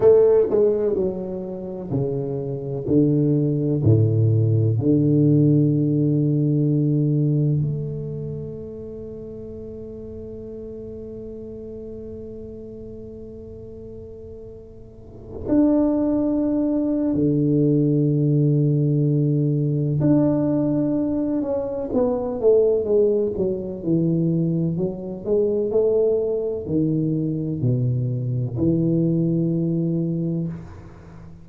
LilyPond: \new Staff \with { instrumentName = "tuba" } { \time 4/4 \tempo 4 = 63 a8 gis8 fis4 cis4 d4 | a,4 d2. | a1~ | a1~ |
a16 d'4.~ d'16 d2~ | d4 d'4. cis'8 b8 a8 | gis8 fis8 e4 fis8 gis8 a4 | dis4 b,4 e2 | }